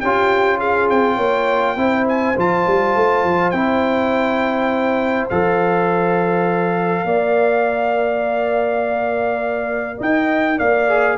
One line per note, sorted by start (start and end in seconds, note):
0.00 0.89 C#4
0.00 1.76 F4
0.00 0.58 G4
0.00 0.59 G5
0.58 1.16 G#4
0.58 0.89 F5
0.89 1.17 C4
0.89 2.07 G5
1.16 1.76 A#3
1.16 1.75 C#5
1.76 2.35 C4
1.76 2.35 E4
1.76 7.06 C5
2.08 2.37 G#5
2.36 2.66 F3
2.36 3.54 F4
2.36 3.50 A5
2.67 2.95 G3
2.95 3.24 A3
3.24 3.53 F3
3.50 5.29 C4
3.50 5.30 E4
3.50 5.27 G5
5.29 7.04 F3
5.29 7.07 A4
5.29 9.99 F5
7.04 9.98 A#3
7.04 10.88 A#4
7.04 9.98 D5
9.98 10.59 D#4
9.98 10.56 D#5
9.98 10.59 G5
10.57 11.17 A#3
10.57 11.16 D5
10.57 11.17 F5
10.88 11.17 G#4